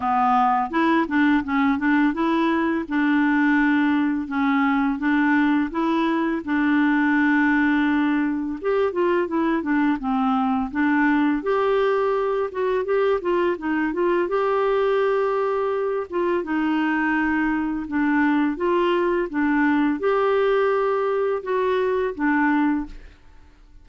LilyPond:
\new Staff \with { instrumentName = "clarinet" } { \time 4/4 \tempo 4 = 84 b4 e'8 d'8 cis'8 d'8 e'4 | d'2 cis'4 d'4 | e'4 d'2. | g'8 f'8 e'8 d'8 c'4 d'4 |
g'4. fis'8 g'8 f'8 dis'8 f'8 | g'2~ g'8 f'8 dis'4~ | dis'4 d'4 f'4 d'4 | g'2 fis'4 d'4 | }